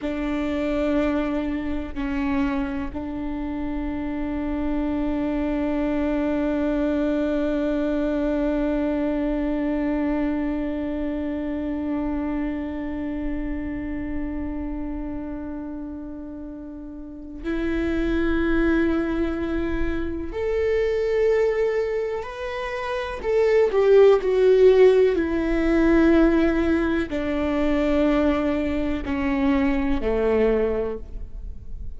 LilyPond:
\new Staff \with { instrumentName = "viola" } { \time 4/4 \tempo 4 = 62 d'2 cis'4 d'4~ | d'1~ | d'1~ | d'1~ |
d'2 e'2~ | e'4 a'2 b'4 | a'8 g'8 fis'4 e'2 | d'2 cis'4 a4 | }